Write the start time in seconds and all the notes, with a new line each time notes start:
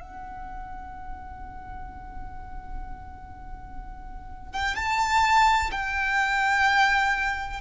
0.00 F#5
4.53 G5
4.75 A5
5.71 G5